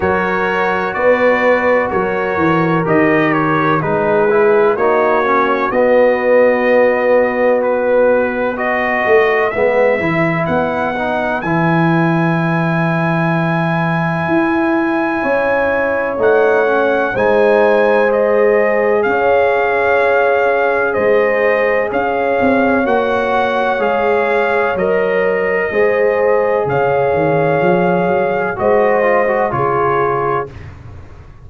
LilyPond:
<<
  \new Staff \with { instrumentName = "trumpet" } { \time 4/4 \tempo 4 = 63 cis''4 d''4 cis''4 dis''8 cis''8 | b'4 cis''4 dis''2 | b'4 dis''4 e''4 fis''4 | gis''1~ |
gis''4 fis''4 gis''4 dis''4 | f''2 dis''4 f''4 | fis''4 f''4 dis''2 | f''2 dis''4 cis''4 | }
  \new Staff \with { instrumentName = "horn" } { \time 4/4 ais'4 b'4 ais'2 | gis'4 fis'2.~ | fis'4 b'2.~ | b'1 |
cis''2 c''2 | cis''2 c''4 cis''4~ | cis''2. c''4 | cis''2 c''4 gis'4 | }
  \new Staff \with { instrumentName = "trombone" } { \time 4/4 fis'2. g'4 | dis'8 e'8 dis'8 cis'8 b2~ | b4 fis'4 b8 e'4 dis'8 | e'1~ |
e'4 dis'8 cis'8 dis'4 gis'4~ | gis'1 | fis'4 gis'4 ais'4 gis'4~ | gis'2 fis'8 f'16 fis'16 f'4 | }
  \new Staff \with { instrumentName = "tuba" } { \time 4/4 fis4 b4 fis8 e8 dis4 | gis4 ais4 b2~ | b4. a8 gis8 e8 b4 | e2. e'4 |
cis'4 a4 gis2 | cis'2 gis4 cis'8 c'8 | ais4 gis4 fis4 gis4 | cis8 dis8 f8 fis8 gis4 cis4 | }
>>